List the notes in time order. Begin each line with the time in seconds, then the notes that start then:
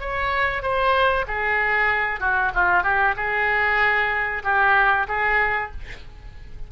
0.00 C#5
0.62 C5
1.27 G#4
2.20 F#4
2.54 F4
2.83 G4
3.16 G#4
4.43 G4
5.08 G#4